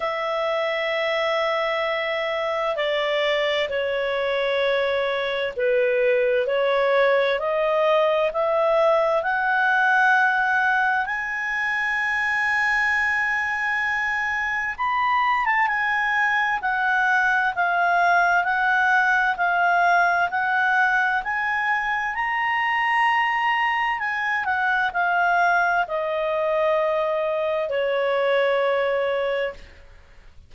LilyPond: \new Staff \with { instrumentName = "clarinet" } { \time 4/4 \tempo 4 = 65 e''2. d''4 | cis''2 b'4 cis''4 | dis''4 e''4 fis''2 | gis''1 |
b''8. a''16 gis''4 fis''4 f''4 | fis''4 f''4 fis''4 gis''4 | ais''2 gis''8 fis''8 f''4 | dis''2 cis''2 | }